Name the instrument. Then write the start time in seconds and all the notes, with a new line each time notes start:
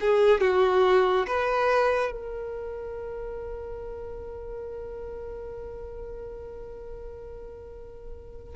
violin
0.00 G#4
0.41 F#4
1.27 B4
2.12 A#4